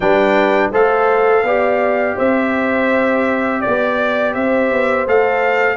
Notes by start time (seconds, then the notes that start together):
0.00 G3 D4 B4 G5
0.71 A3 A4 C5 F5
1.43 B3 G4 D5
2.16 C4 C5 E5
3.60 B3 D5
4.33 C4 C5 E5
4.71 B3
5.06 A3 A4 F5